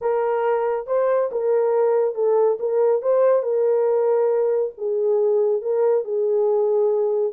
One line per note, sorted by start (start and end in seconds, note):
0.01 0.86 A#4
0.86 1.29 C5
1.31 2.14 A#4
2.14 2.58 A4
2.59 3.02 A#4
3.02 3.42 C5
3.42 4.72 A#4
4.77 5.61 G#4
5.61 6.04 A#4
6.04 7.33 G#4